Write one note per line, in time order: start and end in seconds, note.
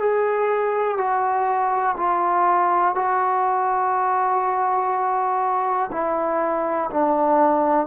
0.00 0.98 G#4
0.98 1.96 F#4
1.97 2.96 F4
2.96 5.91 F#4
5.92 6.90 E4
6.91 7.87 D4